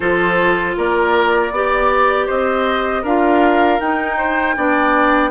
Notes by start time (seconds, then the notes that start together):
0.00 F3 F4 A4 C5
0.77 A#3 A#4 D5
1.51 B3 G4 D5
2.26 C4 C5 D#5
3.02 D4 F4 A#4 F5
3.80 D#4 G5
4.17 C5
4.55 B3 D4 D5